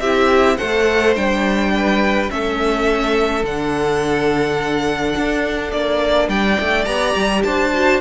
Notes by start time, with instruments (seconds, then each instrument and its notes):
0.00 cello C4, viola E4, violin G4 E5
0.58 cello A3, viola A4, violin C5 F#5
1.16 cello G3, viola D4, violin G5
1.75 violin B4
2.30 cello A3, viola C#4, violin A4 E5
3.44 cello D3, viola D4, violin F#5
5.17 cello D4
5.72 cello A#3, violin D5
6.29 cello G3, violin D5 G5
6.61 cello A3
6.85 cello B3, viola G4, violin A#5
7.16 cello G3
7.44 cello D4, violin C5 A5
7.74 viola F#4